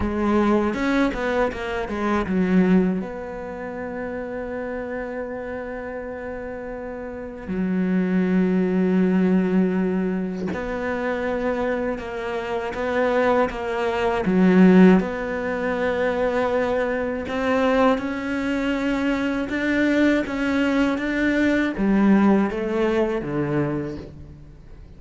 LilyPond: \new Staff \with { instrumentName = "cello" } { \time 4/4 \tempo 4 = 80 gis4 cis'8 b8 ais8 gis8 fis4 | b1~ | b2 fis2~ | fis2 b2 |
ais4 b4 ais4 fis4 | b2. c'4 | cis'2 d'4 cis'4 | d'4 g4 a4 d4 | }